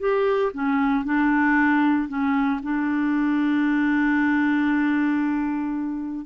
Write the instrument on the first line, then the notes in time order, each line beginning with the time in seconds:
clarinet
0.00 G4
0.54 C#4
1.05 D4
2.08 C#4
2.63 D4